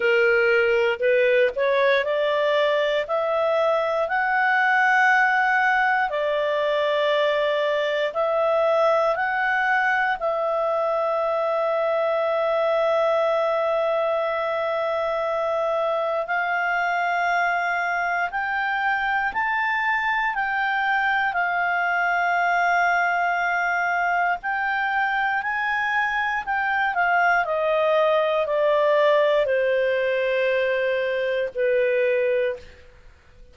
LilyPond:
\new Staff \with { instrumentName = "clarinet" } { \time 4/4 \tempo 4 = 59 ais'4 b'8 cis''8 d''4 e''4 | fis''2 d''2 | e''4 fis''4 e''2~ | e''1 |
f''2 g''4 a''4 | g''4 f''2. | g''4 gis''4 g''8 f''8 dis''4 | d''4 c''2 b'4 | }